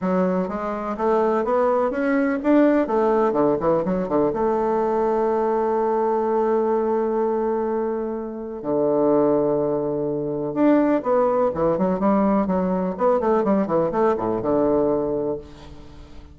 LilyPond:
\new Staff \with { instrumentName = "bassoon" } { \time 4/4 \tempo 4 = 125 fis4 gis4 a4 b4 | cis'4 d'4 a4 d8 e8 | fis8 d8 a2.~ | a1~ |
a2 d2~ | d2 d'4 b4 | e8 fis8 g4 fis4 b8 a8 | g8 e8 a8 a,8 d2 | }